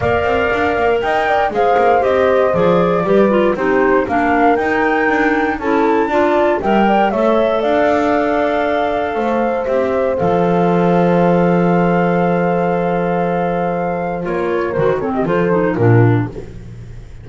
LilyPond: <<
  \new Staff \with { instrumentName = "flute" } { \time 4/4 \tempo 4 = 118 f''2 g''4 f''4 | dis''4 d''2 c''4 | f''4 g''2 a''4~ | a''4 g''4 e''4 f''4~ |
f''2. e''4 | f''1~ | f''1 | cis''4 c''8 cis''16 dis''16 c''4 ais'4 | }
  \new Staff \with { instrumentName = "horn" } { \time 4/4 d''2 dis''8 d''8 c''4~ | c''2 b'4 g'4 | ais'2. a'4 | d''4 e''8 d''8 cis''4 d''4~ |
d''2 c''2~ | c''1~ | c''1~ | c''8 ais'4 a'16 g'16 a'4 f'4 | }
  \new Staff \with { instrumentName = "clarinet" } { \time 4/4 ais'2. gis'4 | g'4 gis'4 g'8 f'8 dis'4 | d'4 dis'2 e'4 | f'4 ais'4 a'2~ |
a'2. g'4 | a'1~ | a'1 | f'4 fis'8 c'8 f'8 dis'8 d'4 | }
  \new Staff \with { instrumentName = "double bass" } { \time 4/4 ais8 c'8 d'8 ais8 dis'4 gis8 ais8 | c'4 f4 g4 c'4 | ais4 dis'4 d'4 cis'4 | d'4 g4 a4 d'4~ |
d'2 a4 c'4 | f1~ | f1 | ais4 dis4 f4 ais,4 | }
>>